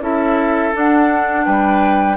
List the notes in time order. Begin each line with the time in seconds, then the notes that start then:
0.00 C#4 E4 A4 E5
0.73 D4 F#5
1.45 G3 B4 G5